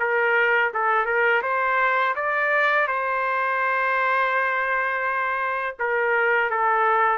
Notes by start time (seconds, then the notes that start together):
0.00 A#4
0.74 A4
1.06 A#4
1.43 C5
2.16 D5
2.88 C5
5.79 A#4
6.51 A4